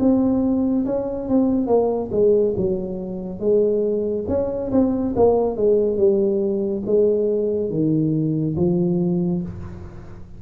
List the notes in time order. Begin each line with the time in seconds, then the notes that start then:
0.00 C4
0.86 C#4
1.29 C4
1.68 A#3
2.12 G#3
2.57 F#3
3.40 G#3
4.28 C#4
4.72 C4
5.16 A#3
5.57 G#3
5.98 G3
6.86 G#3
7.70 D#3
8.57 F3